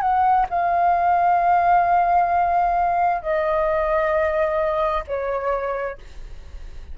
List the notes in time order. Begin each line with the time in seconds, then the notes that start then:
0.00 F#5
0.49 F5
3.21 D#5
5.07 C#5